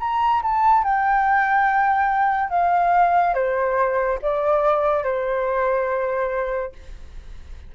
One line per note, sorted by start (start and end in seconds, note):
0.00 0.42 A#5
0.43 0.84 A5
0.84 2.50 G5
2.50 3.35 F5
3.35 4.19 C5
4.22 5.04 D5
5.04 6.73 C5